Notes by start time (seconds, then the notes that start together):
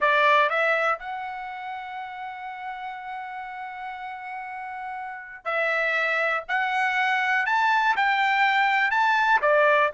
0.00 D5
0.49 E5
0.98 F#5
5.44 E5
6.48 F#5
7.46 A5
7.96 G5
8.90 A5
9.41 D5